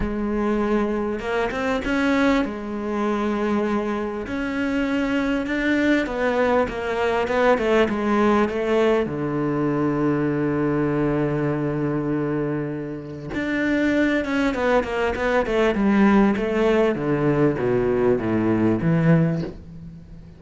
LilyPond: \new Staff \with { instrumentName = "cello" } { \time 4/4 \tempo 4 = 99 gis2 ais8 c'8 cis'4 | gis2. cis'4~ | cis'4 d'4 b4 ais4 | b8 a8 gis4 a4 d4~ |
d1~ | d2 d'4. cis'8 | b8 ais8 b8 a8 g4 a4 | d4 b,4 a,4 e4 | }